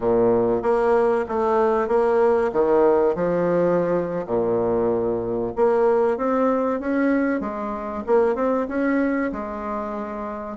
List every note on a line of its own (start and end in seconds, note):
0.00 0.62 A#2
0.62 1.25 A#3
1.28 1.88 A3
1.88 2.51 A#3
2.52 3.15 D#3
3.15 4.25 F3
4.26 5.52 A#2
5.56 6.17 A#3
6.17 6.80 C4
6.80 7.40 C#4
7.40 8.03 G#3
8.06 8.35 A#3
8.35 8.67 C4
8.68 9.31 C#4
9.32 10.57 G#3